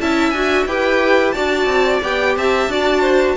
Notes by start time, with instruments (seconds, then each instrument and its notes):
0.00 cello C#4, viola E4, violin E5 A5
0.30 cello D4, viola F#4, violin G#5
0.66 cello E4, viola G4, violin B4 G5
1.31 cello D4, viola F#4, violin D5 A5
1.65 cello C4
2.02 cello B3, viola G4, violin G5
2.37 cello C4, violin E5 A5
2.67 cello D4, viola F#4, violin D5
3.01 violin C5